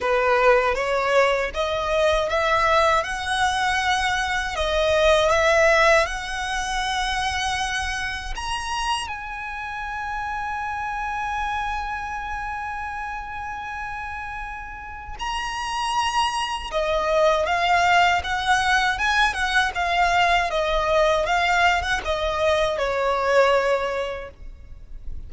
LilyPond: \new Staff \with { instrumentName = "violin" } { \time 4/4 \tempo 4 = 79 b'4 cis''4 dis''4 e''4 | fis''2 dis''4 e''4 | fis''2. ais''4 | gis''1~ |
gis''1 | ais''2 dis''4 f''4 | fis''4 gis''8 fis''8 f''4 dis''4 | f''8. fis''16 dis''4 cis''2 | }